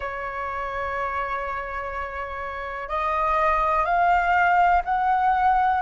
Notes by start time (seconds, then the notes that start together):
0.00 C#5
2.89 D#5
3.84 F5
4.84 F#5